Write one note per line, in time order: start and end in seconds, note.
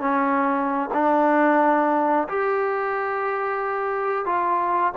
0.00 0.90 C#4
0.94 2.28 D4
2.29 4.26 G4
4.26 4.93 F4